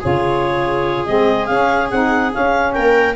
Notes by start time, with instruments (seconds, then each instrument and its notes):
0.00 tuba C#3, saxophone F4, viola G#4, clarinet C#5
1.06 tuba G#3, saxophone C4, clarinet D#5
1.46 tuba C#4, saxophone C#4, clarinet F5
1.91 tuba C4, saxophone D#4, clarinet F#5
2.31 saxophone C#4, tuba C#4, clarinet F5
2.73 tuba A#3, viola A#4, clarinet G5